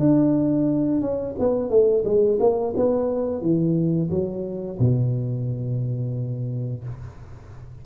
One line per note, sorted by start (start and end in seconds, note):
0.00 1.01 D4
1.01 1.35 C#4
1.40 1.70 B3
1.70 2.04 A3
2.05 2.39 G#3
2.40 2.74 A#3
2.76 3.42 B3
3.42 4.10 E3
4.11 4.79 F#3
4.80 6.84 B2